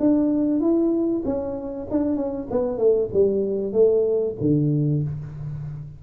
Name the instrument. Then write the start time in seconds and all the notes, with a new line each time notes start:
tuba
0.00 D4
0.60 E4
1.25 C#4
1.91 D4
2.16 C#4
2.51 B3
2.78 A3
3.13 G3
3.72 A3
4.41 D3